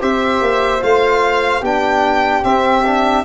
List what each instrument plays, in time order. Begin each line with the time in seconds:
0.00 tuba C4, trombone G4, flute C5, violin E5
0.41 tuba A#3
0.80 tuba A3, trombone F4, violin F5
1.61 tuba B3, trombone D4, flute G4, violin G5
2.43 trombone C4, tuba C4, violin E5
2.85 trombone D4